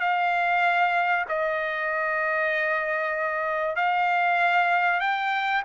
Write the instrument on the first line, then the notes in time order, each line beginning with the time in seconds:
trumpet
0.00 F5
1.28 D#5
3.75 F5
5.00 G5